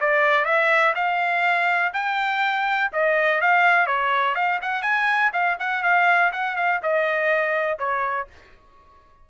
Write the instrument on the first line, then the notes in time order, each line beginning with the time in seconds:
trumpet
0.00 D5
0.45 E5
0.95 F5
1.93 G5
2.92 D#5
3.41 F5
3.86 C#5
4.35 F5
4.62 F#5
4.82 G#5
5.33 F5
5.59 F#5
5.83 F5
6.32 F#5
6.56 F5
6.82 D#5
7.78 C#5